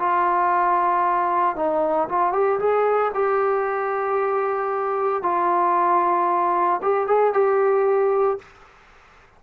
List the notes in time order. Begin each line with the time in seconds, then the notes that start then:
0.00 F4
1.56 D#4
2.09 F4
2.33 G4
2.60 G#4
3.15 G4
5.23 F4
6.82 G4
7.07 G#4
7.33 G4